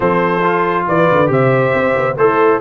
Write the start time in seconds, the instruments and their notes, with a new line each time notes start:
0.00 tuba F3, trombone C4, horn A4, trumpet C5
0.43 trombone F4
0.87 tuba E3, horn B4, trumpet D5
1.11 tuba D3
1.26 tuba C3, trombone G4, horn C5, trumpet E5
1.73 tuba C4
1.96 tuba B3
2.17 tuba A3, horn E4, trombone A4, trumpet C5